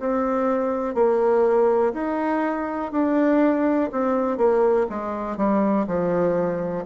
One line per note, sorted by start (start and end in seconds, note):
0.00 0.95 C4
0.95 1.94 A#3
1.94 2.92 D#4
2.92 3.91 D4
3.92 4.38 C4
4.38 4.87 A#3
4.90 5.38 G#3
5.38 5.87 G3
5.87 6.86 F3